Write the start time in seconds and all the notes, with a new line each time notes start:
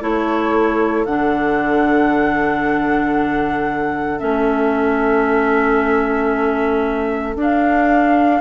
0.00 A3 E4 A4 C#5
1.06 D3 D4 F#5
4.20 A3 C#4 E5
7.36 D4
7.42 F5